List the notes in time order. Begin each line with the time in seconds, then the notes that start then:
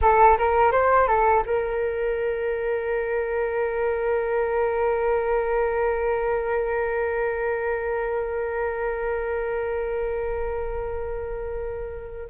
0.01 A4
0.37 A#4
0.71 C5
1.07 A4
1.46 A#4